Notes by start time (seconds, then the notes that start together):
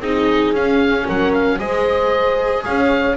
0.00 C4 D#4 G#4 D#5
0.53 C#4 F5
1.06 F#3 A#4 F#5
1.33 F5
1.59 G#3 G#4 C5 D#5
2.65 C#4 C#5 F5